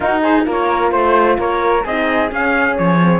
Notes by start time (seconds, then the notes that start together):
0.00 D#4 F#4 A#4
0.22 G#4 C5
0.45 A#3 F4 A#4 C#5
0.91 A3 C5
1.38 A#3 A#4 C#5
1.84 C4 D#4 G#4 D#5
2.29 C#4 F5
2.77 F3 C#5
3.01 C4